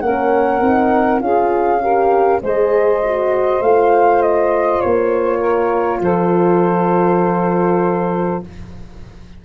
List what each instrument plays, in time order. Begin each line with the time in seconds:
0.00 tuba A#3, horn C#4, saxophone A#4, flute F#5
0.61 tuba C4, horn D#4
1.19 tuba C#4, horn F4, saxophone G#4, flute F5
1.81 horn G4, saxophone A#4
2.42 tuba G#3, horn G#4, saxophone C5, flute D#5
3.03 horn F#4
3.61 tuba A3, horn F4, flute F5
4.22 flute D#5
4.81 tuba A#3, flute C#5
5.40 saxophone A#4
6.00 tuba F3, saxophone A4, flute C5